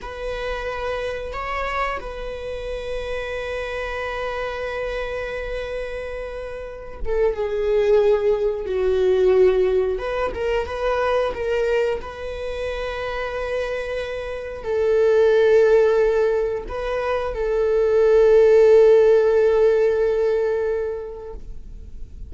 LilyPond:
\new Staff \with { instrumentName = "viola" } { \time 4/4 \tempo 4 = 90 b'2 cis''4 b'4~ | b'1~ | b'2~ b'8 a'8 gis'4~ | gis'4 fis'2 b'8 ais'8 |
b'4 ais'4 b'2~ | b'2 a'2~ | a'4 b'4 a'2~ | a'1 | }